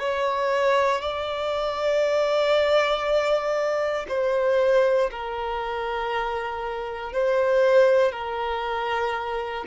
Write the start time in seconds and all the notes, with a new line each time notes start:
0.00 C#5
1.02 D5
4.09 C5
5.11 A#4
7.13 C5
8.12 A#4